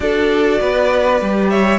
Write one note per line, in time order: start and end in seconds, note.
0.00 0.60 D4
0.00 1.19 F#4
0.00 0.60 A4
0.00 1.47 D5
0.60 1.21 B3
0.60 1.50 B4
1.20 1.79 G3
1.20 1.79 G4
1.49 1.79 C#5
1.49 1.79 E5